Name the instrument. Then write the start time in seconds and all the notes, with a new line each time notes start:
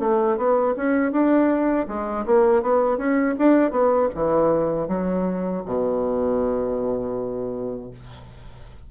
bassoon
0.00 A3
0.38 B3
0.77 C#4
1.12 D4
1.88 G#3
2.26 A#3
2.62 B3
2.98 C#4
3.39 D4
3.72 B3
4.15 E3
4.88 F#3
5.66 B2